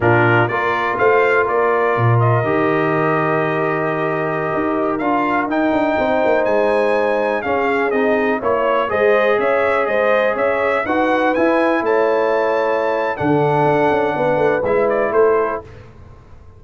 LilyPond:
<<
  \new Staff \with { instrumentName = "trumpet" } { \time 4/4 \tempo 4 = 123 ais'4 d''4 f''4 d''4~ | d''8 dis''2.~ dis''8~ | dis''2~ dis''16 f''4 g''8.~ | g''4~ g''16 gis''2 f''8.~ |
f''16 dis''4 cis''4 dis''4 e''8.~ | e''16 dis''4 e''4 fis''4 gis''8.~ | gis''16 a''2~ a''8. fis''4~ | fis''2 e''8 d''8 c''4 | }
  \new Staff \with { instrumentName = "horn" } { \time 4/4 f'4 ais'4 c''4 ais'4~ | ais'1~ | ais'1~ | ais'16 c''2. gis'8.~ |
gis'4~ gis'16 cis''4 c''4 cis''8.~ | cis''16 c''4 cis''4 b'4.~ b'16~ | b'16 cis''2~ cis''8. a'4~ | a'4 b'2 a'4 | }
  \new Staff \with { instrumentName = "trombone" } { \time 4/4 d'4 f'2.~ | f'4 g'2.~ | g'2~ g'16 f'4 dis'8.~ | dis'2.~ dis'16 cis'8.~ |
cis'16 dis'4 e'4 gis'4.~ gis'16~ | gis'2~ gis'16 fis'4 e'8.~ | e'2. d'4~ | d'2 e'2 | }
  \new Staff \with { instrumentName = "tuba" } { \time 4/4 ais,4 ais4 a4 ais4 | ais,4 dis2.~ | dis4~ dis16 dis'4 d'4 dis'8 d'16~ | d'16 c'8 ais8 gis2 cis'8.~ |
cis'16 c'4 ais4 gis4 cis'8.~ | cis'16 gis4 cis'4 dis'4 e'8.~ | e'16 a2~ a8. d4 | d'8 cis'8 b8 a8 gis4 a4 | }
>>